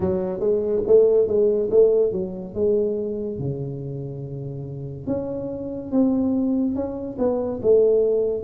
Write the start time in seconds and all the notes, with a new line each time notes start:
0.00 F#3
0.40 G#3
0.86 A3
1.27 G#3
1.71 A3
2.12 F#3
2.54 G#3
3.38 C#3
5.07 C#4
5.92 C4
6.75 C#4
7.18 B3
7.62 A3